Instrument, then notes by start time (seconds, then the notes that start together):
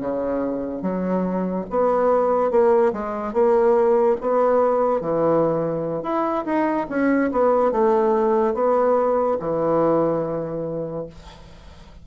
bassoon
0.00 C#3
0.82 F#3
1.70 B3
2.51 A#3
2.93 G#3
3.33 A#3
4.21 B3
5.01 E3
6.03 E4
6.45 D#4
6.89 C#4
7.32 B3
7.72 A3
8.55 B3
9.40 E3